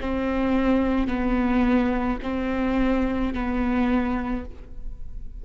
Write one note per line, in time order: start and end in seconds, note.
0.00 1.07 C4
1.07 2.18 B3
2.22 3.33 C4
3.34 4.45 B3